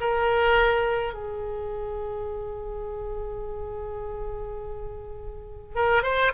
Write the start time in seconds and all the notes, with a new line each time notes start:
0.00 A#4
1.13 G#4
5.75 A#4
6.03 C5